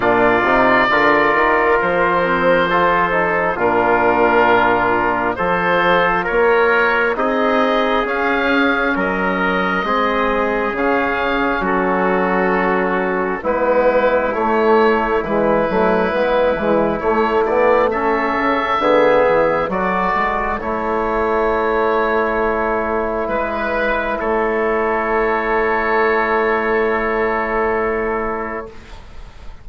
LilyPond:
<<
  \new Staff \with { instrumentName = "oboe" } { \time 4/4 \tempo 4 = 67 d''2 c''2 | ais'2 c''4 cis''4 | dis''4 f''4 dis''2 | f''4 a'2 b'4 |
cis''4 b'2 cis''8 d''8 | e''2 d''4 cis''4~ | cis''2 b'4 cis''4~ | cis''1 | }
  \new Staff \with { instrumentName = "trumpet" } { \time 4/4 f'4 ais'2 a'4 | f'2 a'4 ais'4 | gis'2 ais'4 gis'4~ | gis'4 fis'2 e'4~ |
e'1 | a'4 gis'4 a'2~ | a'2 b'4 a'4~ | a'1 | }
  \new Staff \with { instrumentName = "trombone" } { \time 4/4 d'8 dis'8 f'4. c'8 f'8 dis'8 | d'2 f'2 | dis'4 cis'2 c'4 | cis'2. b4 |
a4 gis8 a8 b8 gis8 a8 b8 | cis'4 b4 fis'4 e'4~ | e'1~ | e'1 | }
  \new Staff \with { instrumentName = "bassoon" } { \time 4/4 ais,8 c8 d8 dis8 f2 | ais,2 f4 ais4 | c'4 cis'4 fis4 gis4 | cis4 fis2 gis4 |
a4 e8 fis8 gis8 e8 a4~ | a8 cis8 d8 e8 fis8 gis8 a4~ | a2 gis4 a4~ | a1 | }
>>